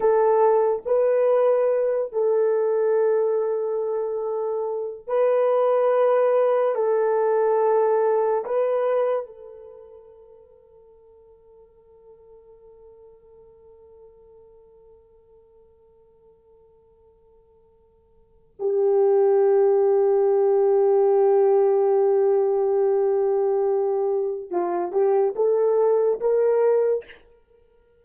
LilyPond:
\new Staff \with { instrumentName = "horn" } { \time 4/4 \tempo 4 = 71 a'4 b'4. a'4.~ | a'2 b'2 | a'2 b'4 a'4~ | a'1~ |
a'1~ | a'2 g'2~ | g'1~ | g'4 f'8 g'8 a'4 ais'4 | }